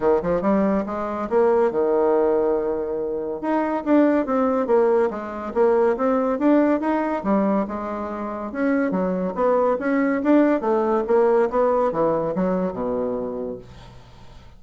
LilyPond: \new Staff \with { instrumentName = "bassoon" } { \time 4/4 \tempo 4 = 141 dis8 f8 g4 gis4 ais4 | dis1 | dis'4 d'4 c'4 ais4 | gis4 ais4 c'4 d'4 |
dis'4 g4 gis2 | cis'4 fis4 b4 cis'4 | d'4 a4 ais4 b4 | e4 fis4 b,2 | }